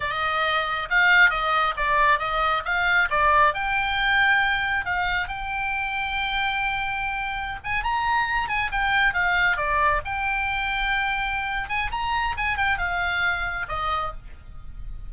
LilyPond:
\new Staff \with { instrumentName = "oboe" } { \time 4/4 \tempo 4 = 136 dis''2 f''4 dis''4 | d''4 dis''4 f''4 d''4 | g''2. f''4 | g''1~ |
g''4~ g''16 gis''8 ais''4. gis''8 g''16~ | g''8. f''4 d''4 g''4~ g''16~ | g''2~ g''8 gis''8 ais''4 | gis''8 g''8 f''2 dis''4 | }